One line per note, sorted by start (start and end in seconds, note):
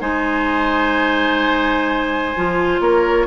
0.00 2.35 G#3
0.00 2.34 D#4
0.00 2.81 C5
0.00 2.81 G#5
2.36 2.80 F3
2.36 3.27 F4
2.80 3.26 A#3
2.80 3.27 A#4
2.80 3.27 C#5